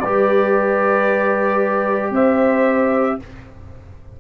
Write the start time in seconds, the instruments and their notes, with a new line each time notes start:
0.00 tuba G3, trombone G4, horn B4, trumpet D5
2.11 tuba C4, horn C5, trumpet E5